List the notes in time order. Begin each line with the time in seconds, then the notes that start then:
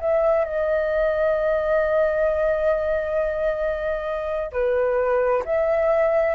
0.00 E5
0.45 D#5
4.52 B4
5.45 E5